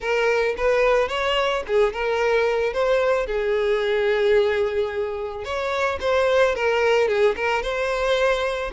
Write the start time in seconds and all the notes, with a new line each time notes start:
0.00 A#4
0.57 B4
1.08 C#5
1.67 G#4
1.93 A#4
2.73 C5
3.26 G#4
5.44 C#5
6.00 C5
6.55 A#4
7.08 G#4
7.36 A#4
7.62 C5